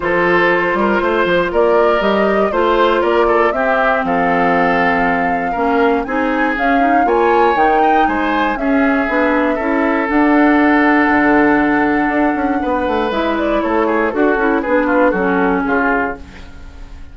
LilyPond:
<<
  \new Staff \with { instrumentName = "flute" } { \time 4/4 \tempo 4 = 119 c''2. d''4 | dis''4 c''4 d''4 e''4 | f''1 | gis''4 f''4 gis''4 g''4 |
gis''4 e''2. | fis''1~ | fis''2 e''8 d''8 cis''4 | a'4 b'4 a'4 gis'4 | }
  \new Staff \with { instrumentName = "oboe" } { \time 4/4 a'4. ais'8 c''4 ais'4~ | ais'4 c''4 ais'8 a'8 g'4 | a'2. ais'4 | gis'2 cis''4. dis''8 |
c''4 gis'2 a'4~ | a'1~ | a'4 b'2 a'8 gis'8 | fis'4 gis'8 f'8 fis'4 f'4 | }
  \new Staff \with { instrumentName = "clarinet" } { \time 4/4 f'1 | g'4 f'2 c'4~ | c'2. cis'4 | dis'4 cis'8 dis'8 f'4 dis'4~ |
dis'4 cis'4 d'4 e'4 | d'1~ | d'2 e'2 | fis'8 e'8 d'4 cis'2 | }
  \new Staff \with { instrumentName = "bassoon" } { \time 4/4 f4. g8 a8 f8 ais4 | g4 a4 ais4 c'4 | f2. ais4 | c'4 cis'4 ais4 dis4 |
gis4 cis'4 b4 cis'4 | d'2 d2 | d'8 cis'8 b8 a8 gis4 a4 | d'8 cis'8 b4 fis4 cis4 | }
>>